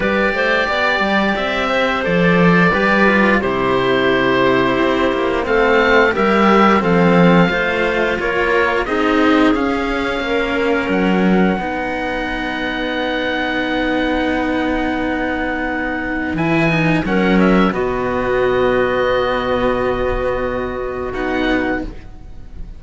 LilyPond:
<<
  \new Staff \with { instrumentName = "oboe" } { \time 4/4 \tempo 4 = 88 d''2 e''4 d''4~ | d''4 c''2. | f''4 e''4 f''2 | cis''4 dis''4 f''2 |
fis''1~ | fis''1 | gis''4 fis''8 e''8 dis''2~ | dis''2. fis''4 | }
  \new Staff \with { instrumentName = "clarinet" } { \time 4/4 b'8 c''8 d''4. c''4. | b'4 g'2. | a'4 ais'4 a'4 c''4 | ais'4 gis'2 ais'4~ |
ais'4 b'2.~ | b'1~ | b'4 ais'4 fis'2~ | fis'1 | }
  \new Staff \with { instrumentName = "cello" } { \time 4/4 g'2. a'4 | g'8 f'8 e'2. | c'4 g'4 c'4 f'4~ | f'4 dis'4 cis'2~ |
cis'4 dis'2.~ | dis'1 | e'8 dis'8 cis'4 b2~ | b2. dis'4 | }
  \new Staff \with { instrumentName = "cello" } { \time 4/4 g8 a8 b8 g8 c'4 f4 | g4 c2 c'8 ais8 | a4 g4 f4 a4 | ais4 c'4 cis'4 ais4 |
fis4 b2.~ | b1 | e4 fis4 b,2~ | b,2. b4 | }
>>